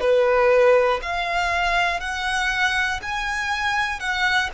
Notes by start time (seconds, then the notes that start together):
0.00 B4
1.02 F5
2.00 F#5
3.02 G#5
4.00 F#5